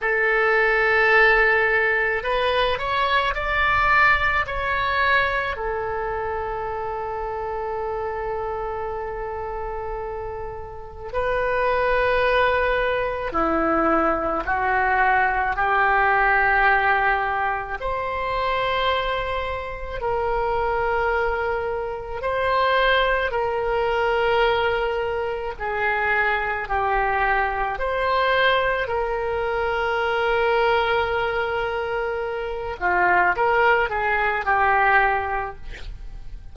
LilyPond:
\new Staff \with { instrumentName = "oboe" } { \time 4/4 \tempo 4 = 54 a'2 b'8 cis''8 d''4 | cis''4 a'2.~ | a'2 b'2 | e'4 fis'4 g'2 |
c''2 ais'2 | c''4 ais'2 gis'4 | g'4 c''4 ais'2~ | ais'4. f'8 ais'8 gis'8 g'4 | }